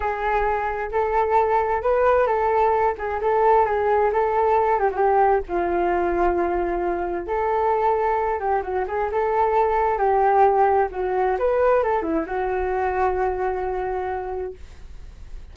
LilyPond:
\new Staff \with { instrumentName = "flute" } { \time 4/4 \tempo 4 = 132 gis'2 a'2 | b'4 a'4. gis'8 a'4 | gis'4 a'4. g'16 fis'16 g'4 | f'1 |
a'2~ a'8 g'8 fis'8 gis'8 | a'2 g'2 | fis'4 b'4 a'8 e'8 fis'4~ | fis'1 | }